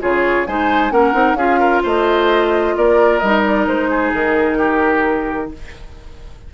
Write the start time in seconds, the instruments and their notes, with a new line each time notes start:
0.00 bassoon C#3, clarinet F4, oboe G#4, flute C#5
0.46 bassoon G#3, clarinet D#4, oboe C5, flute G#5
0.90 bassoon A#3, clarinet C#4, oboe A#4, flute F#5
1.13 bassoon C4, clarinet D#4
1.34 bassoon C#4, clarinet F4, oboe G#4, flute F5
1.59 oboe A#4
1.82 bassoon A3, oboe C5, flute D#5
2.76 bassoon A#3, oboe A#4, flute D5
3.19 bassoon G3, clarinet D#4, flute D#5
3.43 flute D5
3.66 bassoon G#3, flute C5
3.90 oboe G#4
4.13 bassoon D#3, flute A#4
4.57 oboe G4